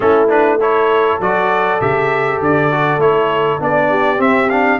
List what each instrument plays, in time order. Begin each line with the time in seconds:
0.00 tuba A3, trombone C#4, horn E4, trumpet A4
0.29 trombone D4, trumpet B4
0.59 trombone E4, horn A4, trumpet C#5
1.20 tuba F#3, trombone F#4, trumpet D5
1.80 tuba C#3, trombone G4, trumpet E5
2.40 tuba D3, trumpet D5
2.70 trombone F#4
2.97 tuba A3, trombone E4, trumpet C#5
3.59 tuba B3, trombone D4, trumpet D5
3.89 horn G4
4.17 trombone C4, tuba C4, trumpet E5
4.49 trombone D4, trumpet F5